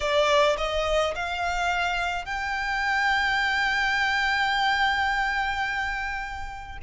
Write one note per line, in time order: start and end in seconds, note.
0.00 0.56 D5
0.57 1.14 D#5
1.15 2.25 F5
2.25 6.77 G5